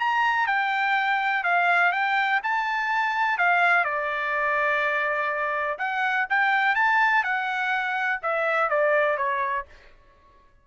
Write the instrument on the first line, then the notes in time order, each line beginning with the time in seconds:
trumpet
0.00 A#5
0.47 G5
1.44 F5
1.92 G5
2.44 A5
3.38 F5
3.85 D5
5.79 F#5
6.30 G5
6.75 A5
7.24 F#5
8.23 E5
8.70 D5
9.18 C#5